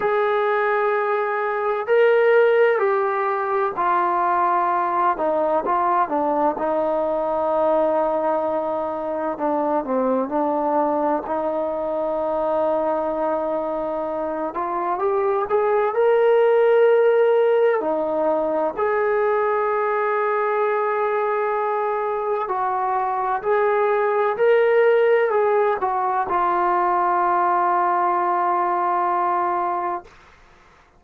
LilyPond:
\new Staff \with { instrumentName = "trombone" } { \time 4/4 \tempo 4 = 64 gis'2 ais'4 g'4 | f'4. dis'8 f'8 d'8 dis'4~ | dis'2 d'8 c'8 d'4 | dis'2.~ dis'8 f'8 |
g'8 gis'8 ais'2 dis'4 | gis'1 | fis'4 gis'4 ais'4 gis'8 fis'8 | f'1 | }